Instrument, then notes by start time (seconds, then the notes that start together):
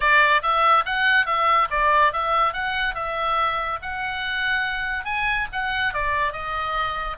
oboe
0.00 D5
0.42 E5
0.85 F#5
1.26 E5
1.70 D5
2.12 E5
2.53 F#5
2.94 E5
3.82 F#5
5.05 G#5
5.52 F#5
5.93 D5
6.32 D#5